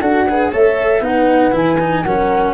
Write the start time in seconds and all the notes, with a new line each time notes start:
0.00 D4 F#4 A4 F#5
0.27 G#4 B4
0.50 A3 A4 C#5 E5
1.01 B3 D#4 B4 F#5
1.51 E3 E4 G#5
1.80 D#4
2.03 F#3 C#4 A#4 F#5